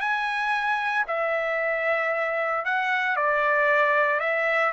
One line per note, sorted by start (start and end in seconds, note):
0.00 1.05 G#5
1.07 2.65 E5
2.65 3.16 F#5
3.16 4.20 D5
4.20 4.72 E5